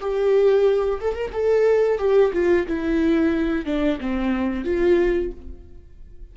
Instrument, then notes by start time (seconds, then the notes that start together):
viola
0.00 G4
1.01 A4
1.14 A#4
1.33 A4
1.98 G4
2.33 F4
2.67 E4
3.65 D4
4.00 C4
4.65 F4